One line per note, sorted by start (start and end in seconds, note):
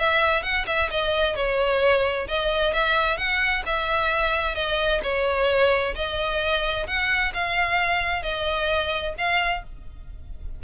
0.00 0.43 E5
0.43 0.66 F#5
0.67 0.90 E5
0.91 1.36 D#5
1.36 2.28 C#5
2.28 2.74 D#5
2.74 3.18 E5
3.18 3.63 F#5
3.66 4.55 E5
4.55 5.01 D#5
5.03 5.95 C#5
5.95 6.87 D#5
6.87 7.33 F#5
7.34 8.23 F5
8.23 9.15 D#5
9.18 9.64 F5